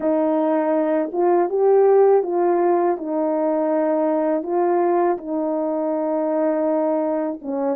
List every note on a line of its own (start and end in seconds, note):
0.00 1.10 D#4
1.12 1.49 F4
1.49 2.23 G4
2.23 2.97 F4
2.97 4.42 D#4
4.42 5.17 F4
5.17 7.39 D#4
7.41 7.76 C#4